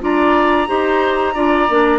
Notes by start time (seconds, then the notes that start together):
0.00 D4 F4 D5 A#5
0.67 D#4 G4 C5
1.34 D4 F4 D5
1.69 A#3 D4